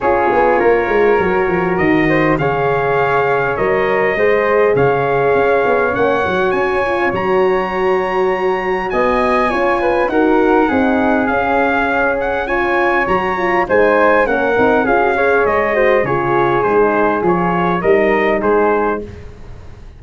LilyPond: <<
  \new Staff \with { instrumentName = "trumpet" } { \time 4/4 \tempo 4 = 101 cis''2. dis''4 | f''2 dis''2 | f''2 fis''4 gis''4 | ais''2. gis''4~ |
gis''4 fis''2 f''4~ | f''8 fis''8 gis''4 ais''4 gis''4 | fis''4 f''4 dis''4 cis''4 | c''4 cis''4 dis''4 c''4 | }
  \new Staff \with { instrumentName = "flute" } { \time 4/4 gis'4 ais'2~ ais'8 c''8 | cis''2. c''4 | cis''1~ | cis''2. dis''4 |
cis''8 b'8 ais'4 gis'2~ | gis'4 cis''2 c''4 | ais'4 gis'8 cis''4 c''8 gis'4~ | gis'2 ais'4 gis'4 | }
  \new Staff \with { instrumentName = "horn" } { \time 4/4 f'2 fis'2 | gis'2 ais'4 gis'4~ | gis'2 cis'8 fis'4 f'8 | fis'1 |
f'4 fis'4 dis'4 cis'4~ | cis'4 f'4 fis'8 f'8 dis'4 | cis'8 dis'8 f'16 fis'16 gis'4 fis'8 f'4 | dis'4 f'4 dis'2 | }
  \new Staff \with { instrumentName = "tuba" } { \time 4/4 cis'8 b8 ais8 gis8 fis8 f8 dis4 | cis2 fis4 gis4 | cis4 cis'8 b8 ais8 fis8 cis'4 | fis2. b4 |
cis'4 dis'4 c'4 cis'4~ | cis'2 fis4 gis4 | ais8 c'8 cis'4 gis4 cis4 | gis4 f4 g4 gis4 | }
>>